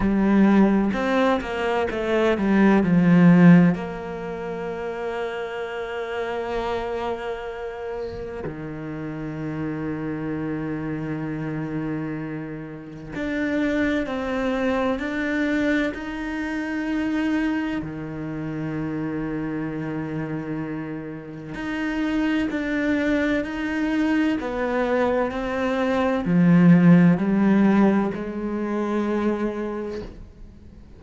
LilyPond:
\new Staff \with { instrumentName = "cello" } { \time 4/4 \tempo 4 = 64 g4 c'8 ais8 a8 g8 f4 | ais1~ | ais4 dis2.~ | dis2 d'4 c'4 |
d'4 dis'2 dis4~ | dis2. dis'4 | d'4 dis'4 b4 c'4 | f4 g4 gis2 | }